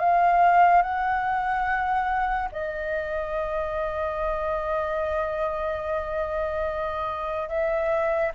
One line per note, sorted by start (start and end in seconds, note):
0.00 0.83 F5
0.83 2.49 F#5
2.52 7.49 D#5
7.49 8.32 E5